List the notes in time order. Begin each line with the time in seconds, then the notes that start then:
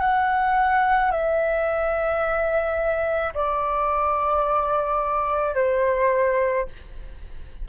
0.00 F#5
1.11 E5
3.34 D5
5.55 C5